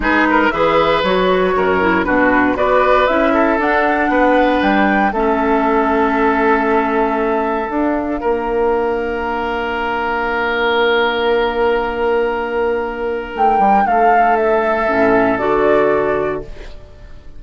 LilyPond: <<
  \new Staff \with { instrumentName = "flute" } { \time 4/4 \tempo 4 = 117 b'4 e''4 cis''2 | b'4 d''4 e''4 fis''4~ | fis''4 g''4 e''2~ | e''2. f''4~ |
f''1~ | f''1~ | f''2 g''4 f''4 | e''2 d''2 | }
  \new Staff \with { instrumentName = "oboe" } { \time 4/4 gis'8 ais'8 b'2 ais'4 | fis'4 b'4. a'4. | b'2 a'2~ | a'1 |
ais'1~ | ais'1~ | ais'2. a'4~ | a'1 | }
  \new Staff \with { instrumentName = "clarinet" } { \time 4/4 dis'4 gis'4 fis'4. e'8 | d'4 fis'4 e'4 d'4~ | d'2 cis'2~ | cis'2. d'4~ |
d'1~ | d'1~ | d'1~ | d'4 cis'4 fis'2 | }
  \new Staff \with { instrumentName = "bassoon" } { \time 4/4 gis4 e4 fis4 fis,4 | b,4 b4 cis'4 d'4 | b4 g4 a2~ | a2. d'4 |
ais1~ | ais1~ | ais2 a8 g8 a4~ | a4 a,4 d2 | }
>>